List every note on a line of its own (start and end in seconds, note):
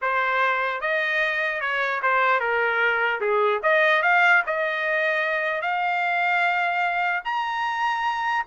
0.01 0.81 C5
0.81 1.60 D#5
1.60 2.00 C#5
2.02 2.39 C5
2.39 3.20 A#4
3.20 3.61 G#4
3.62 4.02 D#5
4.02 4.42 F5
4.46 5.61 D#5
5.61 7.22 F5
7.24 8.45 A#5